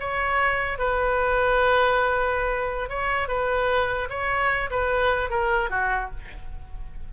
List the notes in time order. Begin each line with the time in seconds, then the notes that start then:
0.00 C#5
0.79 B4
2.89 C#5
3.28 B4
4.10 C#5
4.71 B4
5.30 A#4
5.70 F#4